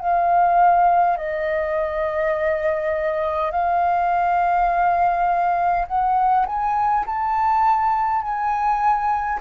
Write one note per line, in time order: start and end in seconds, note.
0.00 1.17 F5
1.17 3.51 D#5
3.51 5.87 F5
5.87 6.46 F#5
6.47 7.05 G#5
7.06 8.22 A5
8.22 9.40 G#5